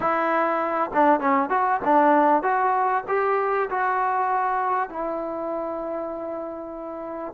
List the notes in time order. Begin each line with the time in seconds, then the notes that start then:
0.00 E4
0.93 D4
1.20 C#4
1.49 F#4
1.84 D4
2.42 F#4
3.08 G4
3.70 F#4
4.89 E4